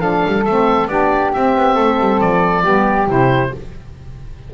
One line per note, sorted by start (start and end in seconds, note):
0.00 0.23 F3
0.00 0.44 D4
0.00 0.89 A4
0.00 0.44 F5
0.26 0.46 G3
0.45 0.87 A3
0.45 0.90 C4
0.45 0.88 E5
0.87 1.31 B3
0.87 1.33 D4
0.87 1.75 G4
0.87 1.31 D5
1.33 2.62 C4
1.33 1.56 C4
1.33 2.21 E5
1.56 1.77 B3
1.75 1.99 A3
1.75 2.62 A4
1.99 2.21 G3
2.21 2.65 F3
2.21 3.08 D5
2.62 3.07 G3
2.62 3.06 B3
2.62 3.50 G4
3.07 3.51 C3
3.07 3.51 E4
3.07 3.54 C5